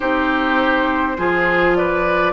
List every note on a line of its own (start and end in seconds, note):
0.00 1.17 C4
0.00 1.17 D#4
0.00 1.17 G4
0.00 1.73 C5
1.17 2.32 F3
1.17 2.32 F4
1.17 1.77 G#4
1.75 2.32 B4
1.75 2.32 D5